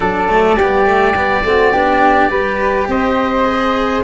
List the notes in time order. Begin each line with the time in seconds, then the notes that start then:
0.00 F#3 D4 A4 D5
0.28 A3
0.55 G3 G4
0.61 B3
0.85 A3
1.15 B3
1.44 A3 C4 F#4
1.72 B3 D4 G4
2.29 G3 G4 B4
2.87 C4 C5 D#5
3.45 G#4